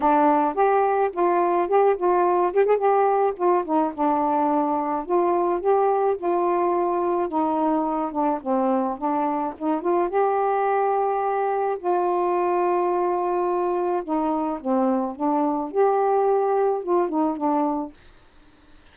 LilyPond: \new Staff \with { instrumentName = "saxophone" } { \time 4/4 \tempo 4 = 107 d'4 g'4 f'4 g'8 f'8~ | f'8 g'16 gis'16 g'4 f'8 dis'8 d'4~ | d'4 f'4 g'4 f'4~ | f'4 dis'4. d'8 c'4 |
d'4 dis'8 f'8 g'2~ | g'4 f'2.~ | f'4 dis'4 c'4 d'4 | g'2 f'8 dis'8 d'4 | }